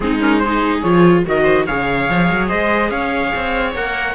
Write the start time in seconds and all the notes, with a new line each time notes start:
0.00 G#3 C4 D#4 G#4
0.19 C#4 A#4
0.38 G#4 C5
0.44 D#4
0.82 F3 F4 C#5
1.25 D#3 F#4 A#4 D#5
1.43 C5
1.66 C#3 G#4 C#5 F5
2.09 F3
2.31 F#3
2.48 G#3 C5 D#5
2.90 C#4 C#5 F5
3.35 C4
3.75 A#3 A#4 F#5